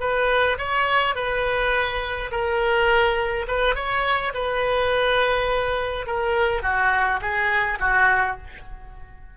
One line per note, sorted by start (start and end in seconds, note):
0.00 0.58 B4
0.58 1.15 C#5
1.15 2.31 B4
2.31 3.46 A#4
3.48 3.75 B4
3.75 4.33 C#5
4.34 6.06 B4
6.06 6.62 A#4
6.62 7.20 F#4
7.21 7.79 G#4
7.80 8.37 F#4